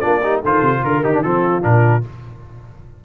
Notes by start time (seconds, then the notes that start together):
0.00 A#3 D4 F4 D5
0.23 D#4 G4
0.42 D#3 F4 A4 C5
0.61 C3
0.84 D3 A#4
1.04 D#3 D#4 G4
1.14 D4
1.22 F3 C4 F4 A4
1.61 A#2 D4 A#4